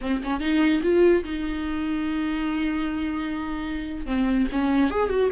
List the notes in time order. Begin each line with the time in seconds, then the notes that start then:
0.01 C4
0.23 C#4
0.40 D#4
0.82 F4
1.24 D#4
4.05 C4
4.52 C#4
4.90 G#4
5.09 F#4